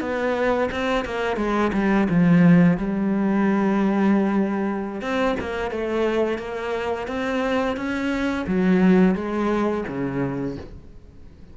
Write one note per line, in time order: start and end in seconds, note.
0.00 0.69 B3
0.71 1.04 C4
1.04 1.36 A#3
1.36 1.71 G#3
1.73 2.07 G3
2.09 2.77 F3
2.77 5.01 G3
5.01 5.35 C4
5.39 5.71 A#3
5.71 6.38 A3
6.38 7.07 A#3
7.07 7.76 C4
7.76 8.45 C#4
8.46 9.15 F#3
9.15 9.84 G#3
9.87 10.56 C#3